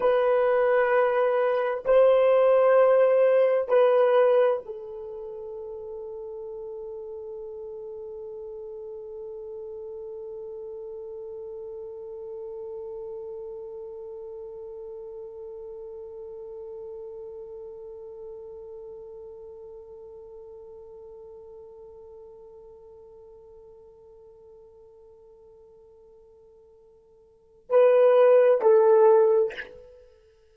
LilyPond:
\new Staff \with { instrumentName = "horn" } { \time 4/4 \tempo 4 = 65 b'2 c''2 | b'4 a'2.~ | a'1~ | a'1~ |
a'1~ | a'1~ | a'1~ | a'2 b'4 a'4 | }